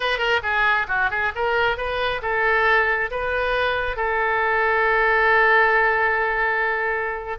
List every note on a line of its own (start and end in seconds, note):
0.00 0.18 B4
0.18 0.40 A#4
0.42 0.86 G#4
0.88 1.10 F#4
1.10 1.32 G#4
1.35 1.77 A#4
1.77 2.21 B4
2.22 3.10 A4
3.10 3.96 B4
3.96 7.38 A4